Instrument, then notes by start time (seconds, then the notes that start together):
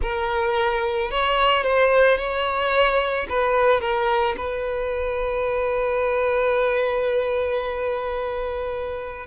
violin
0.02 A#4
1.10 C#5
1.63 C5
2.17 C#5
3.29 B4
3.81 A#4
4.37 B4